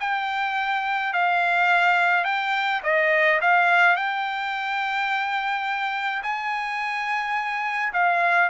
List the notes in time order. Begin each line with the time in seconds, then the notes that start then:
0.00 G5
1.13 F5
2.25 G5
2.83 D#5
3.41 F5
3.96 G5
6.23 G#5
7.93 F5